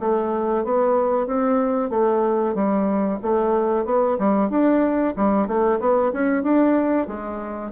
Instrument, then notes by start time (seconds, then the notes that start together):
bassoon
0.00 A3
0.65 B3
1.27 C4
1.90 A3
2.55 G3
3.23 A3
3.85 B3
4.19 G3
4.50 D4
5.16 G3
5.48 A3
5.80 B3
6.13 C#4
6.43 D4
7.08 G#3